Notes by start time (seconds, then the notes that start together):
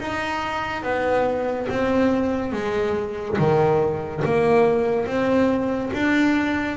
0.00 D#4
0.83 B3
1.70 C4
2.53 G#3
3.39 D#3
4.25 A#3
5.07 C4
5.93 D4